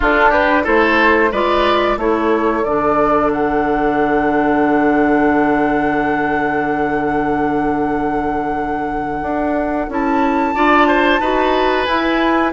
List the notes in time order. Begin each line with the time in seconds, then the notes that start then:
0.00 D4 F4 A4
0.29 G4 B4
0.64 A3 E4 A4 C5
1.31 G#3 F4 B4 D5
1.96 A3 E4 A4 C#5
2.64 D3 D4 D5
3.32 F#5
9.21 D4
9.88 C#4 E4 A5
10.54 D4 F4 D5
10.87 C5
11.20 D#4 F#4 B4
11.84 E4 G#5